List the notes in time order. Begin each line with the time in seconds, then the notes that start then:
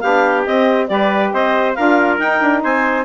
0.00 B3 D4 G4 F5
0.46 C4 D#5
0.87 G3 G4 B4 D5
1.32 C4 C5 D#5
1.74 D4 F4 A#4 F5
2.19 D#4 G5
2.41 D4
2.63 C4 C5 G#5